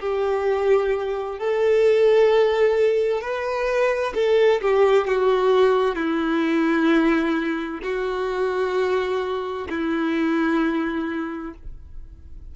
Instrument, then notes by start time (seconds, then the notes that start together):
violin
0.00 G4
1.38 A4
3.21 B4
4.15 A4
4.62 G4
5.08 F#4
5.96 E4
7.83 F#4
9.69 E4